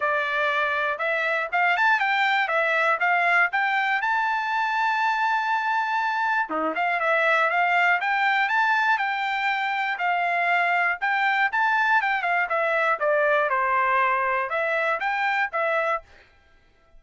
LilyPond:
\new Staff \with { instrumentName = "trumpet" } { \time 4/4 \tempo 4 = 120 d''2 e''4 f''8 a''8 | g''4 e''4 f''4 g''4 | a''1~ | a''4 dis'8 f''8 e''4 f''4 |
g''4 a''4 g''2 | f''2 g''4 a''4 | g''8 f''8 e''4 d''4 c''4~ | c''4 e''4 g''4 e''4 | }